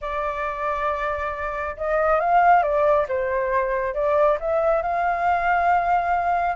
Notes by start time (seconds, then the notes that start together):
0.01 D5
1.77 D#5
2.19 F5
2.62 D5
3.08 C5
3.94 D5
4.39 E5
4.82 F5